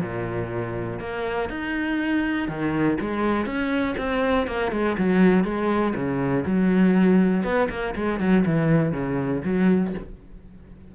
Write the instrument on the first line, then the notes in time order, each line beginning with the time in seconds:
cello
0.00 A#2
0.99 A#3
1.49 D#4
2.48 D#3
3.00 G#3
3.46 C#4
3.97 C4
4.47 A#3
4.71 G#3
4.98 F#3
5.44 G#3
5.95 C#3
6.45 F#3
7.44 B3
7.69 A#3
7.95 G#3
8.20 F#3
8.45 E3
8.92 C#3
9.44 F#3